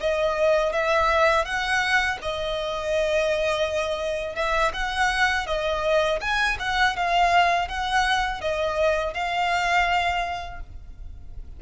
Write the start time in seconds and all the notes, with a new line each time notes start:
0.00 D#5
0.73 E5
1.45 F#5
2.22 D#5
4.35 E5
4.74 F#5
5.47 D#5
6.21 G#5
6.60 F#5
6.96 F5
7.68 F#5
8.41 D#5
9.14 F5